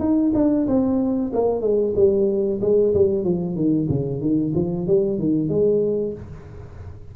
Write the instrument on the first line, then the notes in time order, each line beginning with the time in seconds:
tuba
0.00 D#4
0.35 D4
0.67 C4
1.33 A#3
1.62 G#3
1.96 G3
2.62 G#3
2.94 G3
3.24 F3
3.56 D#3
3.90 C#3
4.21 D#3
4.55 F3
4.88 G3
5.19 D#3
5.49 G#3